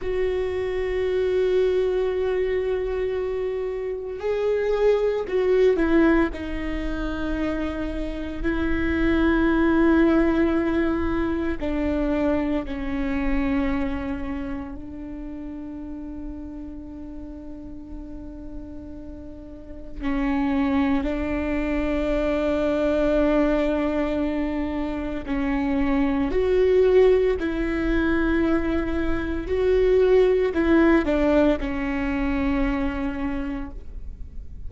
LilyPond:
\new Staff \with { instrumentName = "viola" } { \time 4/4 \tempo 4 = 57 fis'1 | gis'4 fis'8 e'8 dis'2 | e'2. d'4 | cis'2 d'2~ |
d'2. cis'4 | d'1 | cis'4 fis'4 e'2 | fis'4 e'8 d'8 cis'2 | }